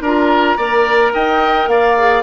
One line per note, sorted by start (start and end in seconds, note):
0.00 0.56 D4
0.00 0.58 F4
0.00 0.56 A#4
0.00 1.14 A#5
0.56 1.13 A#3
0.56 1.97 A#4
0.56 1.12 D5
1.13 1.67 D#4
1.13 1.69 D#5
1.13 1.68 G5
1.67 2.22 A#3
1.67 2.22 D5
1.67 2.22 F5
1.97 2.22 G#4